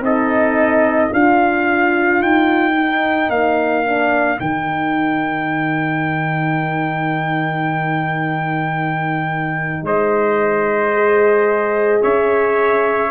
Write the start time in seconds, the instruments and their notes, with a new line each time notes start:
0.00 tuba C4, horn D#4, trumpet A4 D#5
1.09 tuba D4, horn F4, trumpet A#4 F5
2.21 tuba D#4, trumpet G5
2.76 horn D#4
3.29 tuba A#3, trumpet F5
3.85 horn D4
4.37 tuba D#3, horn D#4, trumpet G5
9.82 tuba G#3, trumpet C5 D#5
10.95 horn G#4
12.02 tuba C#4, trumpet C#5 E5